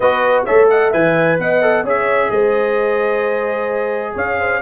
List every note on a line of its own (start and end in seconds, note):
0.00 0.46 B3
0.00 0.47 F#4
0.00 0.44 B4
0.00 0.44 D#5
0.44 0.93 A3
0.44 0.92 A4
0.44 0.67 C#5
0.44 0.68 E5
0.69 0.90 D#5
0.69 0.92 F#5
0.90 1.38 E3
0.90 1.61 B4
0.90 1.36 E5
0.90 1.39 G#5
1.38 1.83 B3
1.38 1.84 D#5
1.38 1.86 F#5
1.61 1.84 A4
1.83 2.29 C#4
1.83 4.62 G#4
1.83 2.30 C#5
1.83 2.31 E5
2.30 4.15 G#3
2.30 4.13 C5
2.30 4.15 D#5
4.13 4.61 C#4
4.13 4.37 C#5
4.13 4.62 F5
4.38 4.61 C5